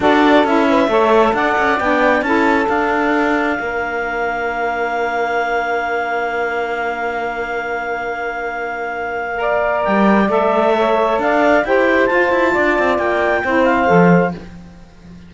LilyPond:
<<
  \new Staff \with { instrumentName = "clarinet" } { \time 4/4 \tempo 4 = 134 d''4 e''2 fis''4 | g''4 a''4 f''2~ | f''1~ | f''1~ |
f''1~ | f''2 g''4 e''4~ | e''4 f''4 g''4 a''4~ | a''4 g''4. f''4. | }
  \new Staff \with { instrumentName = "saxophone" } { \time 4/4 a'4. b'8 cis''4 d''4~ | d''4 a'2. | ais'1~ | ais'1~ |
ais'1~ | ais'4 d''2. | cis''4 d''4 c''2 | d''2 c''2 | }
  \new Staff \with { instrumentName = "saxophone" } { \time 4/4 fis'4 e'4 a'2 | d'4 e'4 d'2~ | d'1~ | d'1~ |
d'1~ | d'4 ais'2 a'4~ | a'2 g'4 f'4~ | f'2 e'4 a'4 | }
  \new Staff \with { instrumentName = "cello" } { \time 4/4 d'4 cis'4 a4 d'8 cis'8 | b4 cis'4 d'2 | ais1~ | ais1~ |
ais1~ | ais2 g4 a4~ | a4 d'4 e'4 f'8 e'8 | d'8 c'8 ais4 c'4 f4 | }
>>